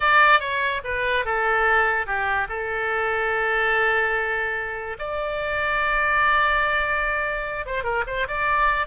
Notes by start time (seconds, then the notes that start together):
0.00 D5
0.40 C#5
0.84 B4
1.25 A4
2.06 G4
2.48 A4
4.99 D5
7.66 C5
7.83 A#4
8.06 C5
8.27 D5